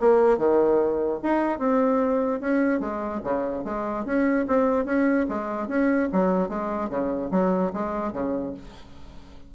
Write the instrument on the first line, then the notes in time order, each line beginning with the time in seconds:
bassoon
0.00 A#3
0.37 D#3
1.23 D#4
1.59 C4
2.41 C#4
2.80 G#3
3.24 C#3
3.64 G#3
4.05 C#4
4.48 C4
4.85 C#4
5.29 G#3
5.68 C#4
6.13 F#3
6.49 G#3
6.90 C#3
7.31 F#3
7.73 G#3
8.13 C#3